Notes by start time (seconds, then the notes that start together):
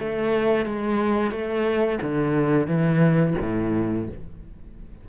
0.00 A3
0.66 G#3
1.32 A3
2.03 D3
2.68 E3
3.42 A2